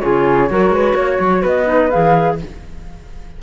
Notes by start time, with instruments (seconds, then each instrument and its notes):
0.00 cello C#3, clarinet F4, flute G#4 C#5
0.50 cello F#3, clarinet F#4, flute A#4
0.70 cello G#3, flute B4
0.95 cello A#3, flute C#5
1.20 cello F#3
1.43 cello B3, flute B4 D#5
1.65 clarinet D#4
1.91 cello E3, clarinet G#4, flute F5